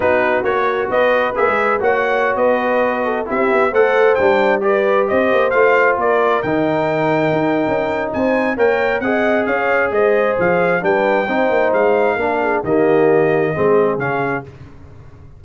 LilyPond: <<
  \new Staff \with { instrumentName = "trumpet" } { \time 4/4 \tempo 4 = 133 b'4 cis''4 dis''4 e''4 | fis''4~ fis''16 dis''2 e''8.~ | e''16 fis''4 g''4 d''4 dis''8.~ | dis''16 f''4 d''4 g''4.~ g''16~ |
g''2 gis''4 g''4 | fis''4 f''4 dis''4 f''4 | g''2 f''2 | dis''2. f''4 | }
  \new Staff \with { instrumentName = "horn" } { \time 4/4 fis'2 b'2 | cis''4~ cis''16 b'4. a'8 g'8.~ | g'16 c''2 b'4 c''8.~ | c''4~ c''16 ais'2~ ais'8.~ |
ais'2 c''4 cis''4 | dis''4 cis''4 c''2 | b'4 c''2 ais'8 gis'8 | g'2 gis'2 | }
  \new Staff \with { instrumentName = "trombone" } { \time 4/4 dis'4 fis'2 gis'4 | fis'2.~ fis'16 e'8.~ | e'16 a'4 d'4 g'4.~ g'16~ | g'16 f'2 dis'4.~ dis'16~ |
dis'2. ais'4 | gis'1 | d'4 dis'2 d'4 | ais2 c'4 cis'4 | }
  \new Staff \with { instrumentName = "tuba" } { \time 4/4 b4 ais4 b4 ais16 gis8. | ais4~ ais16 b2 c'8 b16~ | b16 a4 g2 c'8 ais16~ | ais16 a4 ais4 dis4.~ dis16~ |
dis16 dis'8. cis'4 c'4 ais4 | c'4 cis'4 gis4 f4 | g4 c'8 ais8 gis4 ais4 | dis2 gis4 cis4 | }
>>